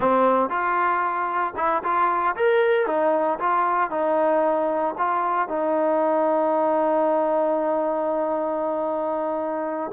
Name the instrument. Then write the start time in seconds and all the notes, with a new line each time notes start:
trombone
0.00 C4
0.49 F4
1.56 E4
1.83 F4
2.36 A#4
2.86 D#4
3.39 F4
3.90 D#4
4.98 F4
5.48 D#4